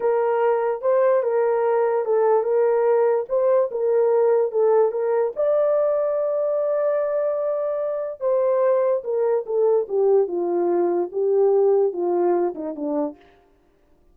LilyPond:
\new Staff \with { instrumentName = "horn" } { \time 4/4 \tempo 4 = 146 ais'2 c''4 ais'4~ | ais'4 a'4 ais'2 | c''4 ais'2 a'4 | ais'4 d''2.~ |
d''1 | c''2 ais'4 a'4 | g'4 f'2 g'4~ | g'4 f'4. dis'8 d'4 | }